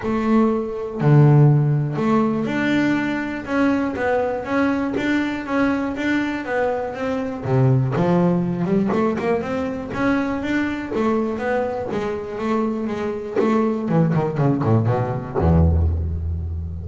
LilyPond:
\new Staff \with { instrumentName = "double bass" } { \time 4/4 \tempo 4 = 121 a2 d2 | a4 d'2 cis'4 | b4 cis'4 d'4 cis'4 | d'4 b4 c'4 c4 |
f4. g8 a8 ais8 c'4 | cis'4 d'4 a4 b4 | gis4 a4 gis4 a4 | e8 dis8 cis8 a,8 b,4 e,4 | }